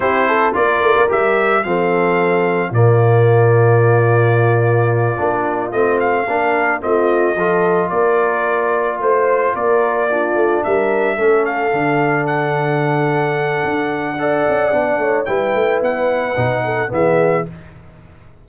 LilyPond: <<
  \new Staff \with { instrumentName = "trumpet" } { \time 4/4 \tempo 4 = 110 c''4 d''4 e''4 f''4~ | f''4 d''2.~ | d''2~ d''8 dis''8 f''4~ | f''8 dis''2 d''4.~ |
d''8 c''4 d''2 e''8~ | e''4 f''4. fis''4.~ | fis''1 | g''4 fis''2 e''4 | }
  \new Staff \with { instrumentName = "horn" } { \time 4/4 g'8 a'8 ais'2 a'4~ | a'4 f'2.~ | f'2.~ f'8 ais'8~ | ais'8 f'4 a'4 ais'4.~ |
ais'8 c''4 ais'4 f'4 ais'8~ | ais'8 a'2.~ a'8~ | a'2 d''4. cis''8 | b'2~ b'8 a'8 gis'4 | }
  \new Staff \with { instrumentName = "trombone" } { \time 4/4 e'4 f'4 g'4 c'4~ | c'4 ais2.~ | ais4. d'4 c'4 d'8~ | d'8 c'4 f'2~ f'8~ |
f'2~ f'8 d'4.~ | d'8 cis'4 d'2~ d'8~ | d'2 a'4 d'4 | e'2 dis'4 b4 | }
  \new Staff \with { instrumentName = "tuba" } { \time 4/4 c'4 ais8 a16 ais16 g4 f4~ | f4 ais,2.~ | ais,4. ais4 a4 ais8~ | ais8 a4 f4 ais4.~ |
ais8 a4 ais4. a8 g8~ | g8 a4 d2~ d8~ | d4 d'4. cis'8 b8 a8 | g8 a8 b4 b,4 e4 | }
>>